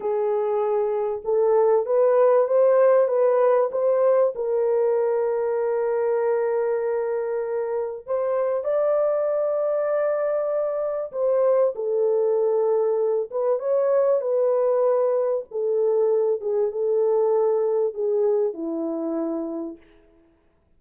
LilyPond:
\new Staff \with { instrumentName = "horn" } { \time 4/4 \tempo 4 = 97 gis'2 a'4 b'4 | c''4 b'4 c''4 ais'4~ | ais'1~ | ais'4 c''4 d''2~ |
d''2 c''4 a'4~ | a'4. b'8 cis''4 b'4~ | b'4 a'4. gis'8 a'4~ | a'4 gis'4 e'2 | }